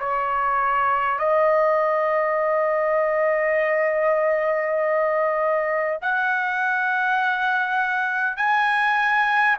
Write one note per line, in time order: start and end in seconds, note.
0.00 1.19 C#5
1.19 5.99 D#5
6.02 8.37 F#5
8.37 9.57 G#5